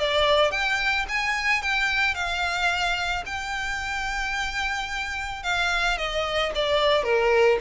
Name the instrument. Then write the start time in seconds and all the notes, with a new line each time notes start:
violin
0.00 D5
0.52 G5
1.09 G#5
1.63 G5
2.15 F5
3.26 G5
5.44 F5
5.98 D#5
6.56 D5
7.04 A#4